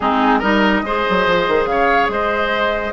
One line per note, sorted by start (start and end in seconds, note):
0.00 0.42 G#3
0.00 0.42 C4
0.00 0.38 D#4
0.00 0.39 G#4
0.38 0.82 G3
0.38 0.84 D#4
0.38 0.80 A#4
0.38 1.65 D#5
0.82 1.03 G#3
0.82 2.92 G#4
0.82 1.69 C5
1.09 1.27 F#3
1.27 1.47 F3
1.47 1.65 D#3
1.65 2.07 C#3
1.65 2.12 C#5
1.65 2.08 F5
2.08 2.92 G#3
2.08 2.92 C5
2.08 2.92 D#5